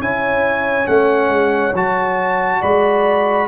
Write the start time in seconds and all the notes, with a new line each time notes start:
0.00 C#4 E4 C#5 G#5
0.85 A3 C#4 F#5
1.30 G#3
1.74 F#3 F#4 A5
2.61 G#3 D5 B5